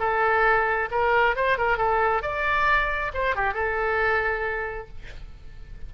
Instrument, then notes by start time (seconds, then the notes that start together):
oboe
0.00 A4
0.92 A#4
1.36 C5
1.58 A#4
1.78 A4
2.23 D5
3.14 C5
3.36 G4
3.54 A4